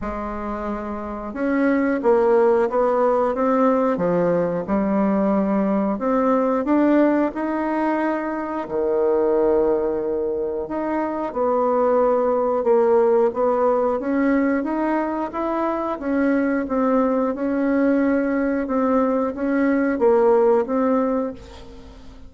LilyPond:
\new Staff \with { instrumentName = "bassoon" } { \time 4/4 \tempo 4 = 90 gis2 cis'4 ais4 | b4 c'4 f4 g4~ | g4 c'4 d'4 dis'4~ | dis'4 dis2. |
dis'4 b2 ais4 | b4 cis'4 dis'4 e'4 | cis'4 c'4 cis'2 | c'4 cis'4 ais4 c'4 | }